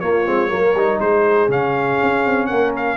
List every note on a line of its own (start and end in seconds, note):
0.00 0.25 A#3
0.00 0.27 A#3
0.00 0.51 F4
0.00 0.99 C#5
0.25 0.51 G#3
0.25 0.48 C4
0.48 0.74 F#3
0.48 0.73 A#3
0.48 1.01 A#4
0.74 0.99 G3
0.74 1.49 D#4
1.00 1.48 G#3
1.00 2.48 G#4
1.00 1.49 C5
1.48 1.97 C#3
1.48 2.97 C#4
1.48 2.46 F5
2.03 2.26 C#4
2.26 2.51 C4
2.46 2.97 A#3
2.46 2.97 A#4
2.46 2.71 F#5
2.76 2.97 F5